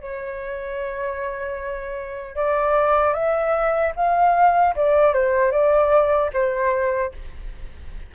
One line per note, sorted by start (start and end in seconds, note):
0.00 2.35 C#5
2.35 3.13 D5
3.13 3.92 E5
3.96 4.75 F5
4.75 5.14 D5
5.14 5.51 C5
5.51 6.30 D5
6.33 7.12 C5